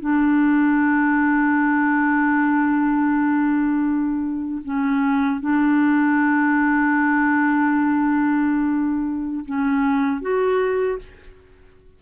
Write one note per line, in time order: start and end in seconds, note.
0.00 4.62 D4
4.64 5.41 C#4
5.41 9.44 D4
9.45 10.21 C#4
10.21 10.98 F#4